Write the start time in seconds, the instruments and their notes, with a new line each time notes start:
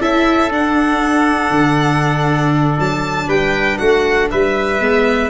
0.00 tuba C#4, viola E4, trumpet A4, violin E5
0.50 viola D4, tuba D4, violin F#5
1.50 tuba D3
2.79 tuba F#3, violin A5
3.27 tuba G3, trumpet B4, violin G5
3.78 tuba A3, trumpet F#4, violin F#5
4.31 tuba G3, trumpet B4, violin E5
4.80 tuba G#3, viola B3